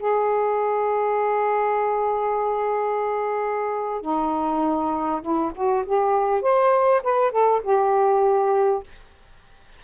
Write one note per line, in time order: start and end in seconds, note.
0.00 4.02 G#4
4.02 5.22 D#4
5.22 5.52 E4
5.56 5.86 F#4
5.86 6.42 G4
6.42 7.02 C5
7.04 7.32 B4
7.32 7.62 A4
7.64 8.84 G4